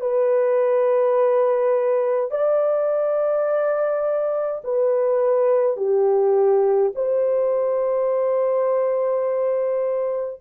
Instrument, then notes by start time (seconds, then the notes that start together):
horn
0.00 B4
2.31 D5
4.64 B4
5.77 G4
6.95 C5